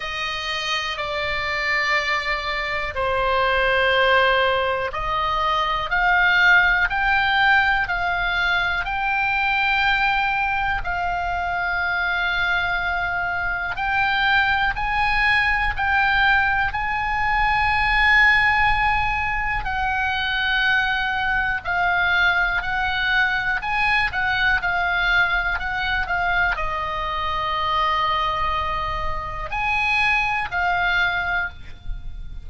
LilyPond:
\new Staff \with { instrumentName = "oboe" } { \time 4/4 \tempo 4 = 61 dis''4 d''2 c''4~ | c''4 dis''4 f''4 g''4 | f''4 g''2 f''4~ | f''2 g''4 gis''4 |
g''4 gis''2. | fis''2 f''4 fis''4 | gis''8 fis''8 f''4 fis''8 f''8 dis''4~ | dis''2 gis''4 f''4 | }